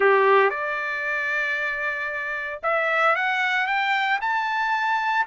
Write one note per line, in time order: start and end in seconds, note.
0.00 0.50 G4
0.50 2.60 D5
2.62 3.15 E5
3.15 3.66 F#5
3.66 4.19 G5
4.21 5.26 A5